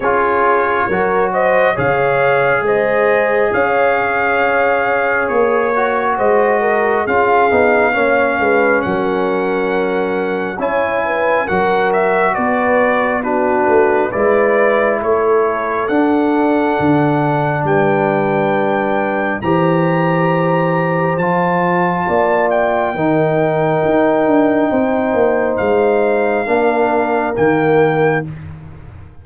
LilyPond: <<
  \new Staff \with { instrumentName = "trumpet" } { \time 4/4 \tempo 4 = 68 cis''4. dis''8 f''4 dis''4 | f''2 cis''4 dis''4 | f''2 fis''2 | gis''4 fis''8 e''8 d''4 b'4 |
d''4 cis''4 fis''2 | g''2 ais''2 | a''4. g''2~ g''8~ | g''4 f''2 g''4 | }
  \new Staff \with { instrumentName = "horn" } { \time 4/4 gis'4 ais'8 c''8 cis''4 c''4 | cis''2. c''8 ais'8 | gis'4 cis''8 b'8 ais'2 | cis''8 b'8 ais'4 b'4 fis'4 |
b'4 a'2. | b'2 c''2~ | c''4 d''4 ais'2 | c''2 ais'2 | }
  \new Staff \with { instrumentName = "trombone" } { \time 4/4 f'4 fis'4 gis'2~ | gis'2~ gis'8 fis'4. | f'8 dis'8 cis'2. | e'4 fis'2 d'4 |
e'2 d'2~ | d'2 g'2 | f'2 dis'2~ | dis'2 d'4 ais4 | }
  \new Staff \with { instrumentName = "tuba" } { \time 4/4 cis'4 fis4 cis4 gis4 | cis'2 ais4 gis4 | cis'8 b8 ais8 gis8 fis2 | cis'4 fis4 b4. a8 |
gis4 a4 d'4 d4 | g2 e2 | f4 ais4 dis4 dis'8 d'8 | c'8 ais8 gis4 ais4 dis4 | }
>>